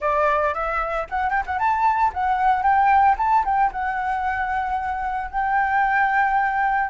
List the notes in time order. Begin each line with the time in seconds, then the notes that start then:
0.00 D5
0.54 E5
1.09 F#5
1.30 G5
1.46 F#5
1.58 A5
2.13 F#5
2.62 G5
3.17 A5
3.44 G5
3.72 F#5
5.30 G5